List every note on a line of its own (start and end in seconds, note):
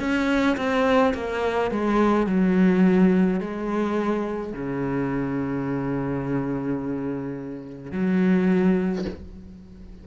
0.00 0.57 C#4
0.57 1.14 C4
1.14 1.71 A#3
1.71 2.27 G#3
2.27 3.40 F#3
3.40 4.53 G#3
4.53 7.92 C#3
7.92 9.05 F#3